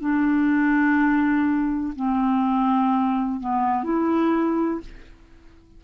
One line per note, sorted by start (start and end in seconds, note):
0.00 1.94 D4
1.95 3.40 C4
3.40 3.84 B3
3.84 4.80 E4